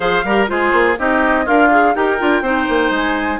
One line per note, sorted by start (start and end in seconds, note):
0.00 0.23 F3
0.00 0.23 G#4
0.00 0.24 C5
0.00 0.47 F5
0.24 0.48 G3
0.24 0.47 G4
0.24 0.49 A#4
0.47 0.72 G#3
0.47 0.96 F4
0.47 0.98 G#4
0.47 0.97 C5
0.72 0.96 A#3
0.98 1.47 C4
0.98 1.46 D#4
0.98 1.45 G4
0.98 1.47 D#5
1.45 1.95 D4
1.45 1.94 F4
1.45 1.70 A#4
1.45 1.95 F5
1.71 1.94 G#4
1.94 2.19 D#4
1.94 2.18 G4
1.94 2.43 A#4
1.94 2.92 G5
2.18 2.41 D4
2.18 2.43 F4
2.41 2.66 C4
2.41 3.39 D#4
2.41 3.39 C5
2.68 2.90 A#3
2.90 3.39 G#3
2.90 3.39 G#5